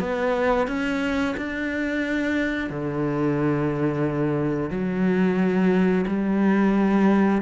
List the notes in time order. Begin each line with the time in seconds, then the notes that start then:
0.00 B3
0.67 C#4
1.37 D4
2.70 D3
4.70 F#3
6.07 G3